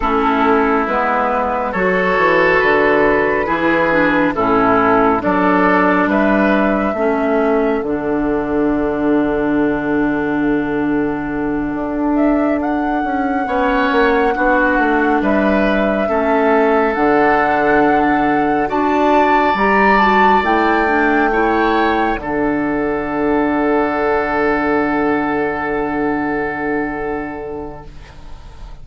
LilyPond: <<
  \new Staff \with { instrumentName = "flute" } { \time 4/4 \tempo 4 = 69 a'4 b'4 cis''4 b'4~ | b'4 a'4 d''4 e''4~ | e''4 fis''2.~ | fis''2 e''8 fis''4.~ |
fis''4. e''2 fis''8~ | fis''4. a''4 ais''8 a''8 g''8~ | g''4. fis''2~ fis''8~ | fis''1 | }
  \new Staff \with { instrumentName = "oboe" } { \time 4/4 e'2 a'2 | gis'4 e'4 a'4 b'4 | a'1~ | a'2.~ a'8 cis''8~ |
cis''8 fis'4 b'4 a'4.~ | a'4. d''2~ d''8~ | d''8 cis''4 a'2~ a'8~ | a'1 | }
  \new Staff \with { instrumentName = "clarinet" } { \time 4/4 cis'4 b4 fis'2 | e'8 d'8 cis'4 d'2 | cis'4 d'2.~ | d'2.~ d'8 cis'8~ |
cis'8 d'2 cis'4 d'8~ | d'4. fis'4 g'8 fis'8 e'8 | d'8 e'4 d'2~ d'8~ | d'1 | }
  \new Staff \with { instrumentName = "bassoon" } { \time 4/4 a4 gis4 fis8 e8 d4 | e4 a,4 fis4 g4 | a4 d2.~ | d4. d'4. cis'8 b8 |
ais8 b8 a8 g4 a4 d8~ | d4. d'4 g4 a8~ | a4. d2~ d8~ | d1 | }
>>